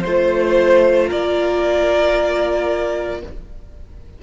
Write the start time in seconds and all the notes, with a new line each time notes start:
0.00 A3 C5
0.06 F4
1.07 A#3 A#4 D5